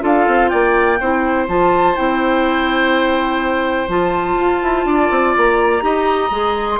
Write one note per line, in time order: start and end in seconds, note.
0.00 0.27 D4
0.00 0.97 F4
0.00 0.50 A4
0.00 0.49 F5
0.27 0.51 C4
0.49 1.00 A#3
0.49 0.99 D5
0.49 1.45 G5
1.00 1.48 C4
1.00 1.47 E4
1.00 4.86 C5
1.47 1.96 F3
1.47 1.95 F4
1.47 1.96 A5
1.95 3.88 C4
1.95 3.89 E4
1.95 3.89 G5
3.88 4.36 F3
3.88 5.81 F4
3.88 5.35 A5
4.36 4.60 F4
4.62 4.84 E4
4.84 5.09 D4
4.84 5.83 D5
5.10 5.34 C4
5.36 5.81 A#3
5.36 6.70 A#5
5.81 6.30 D#4
5.81 6.29 G4
5.81 6.79 D#5
6.30 6.78 G#3
6.30 6.79 G#4
6.70 6.79 C6